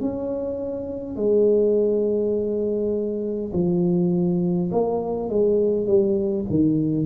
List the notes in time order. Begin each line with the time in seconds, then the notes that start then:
0.00 C#4
1.16 G#3
3.53 F3
4.72 A#3
5.29 G#3
5.87 G3
6.49 D#3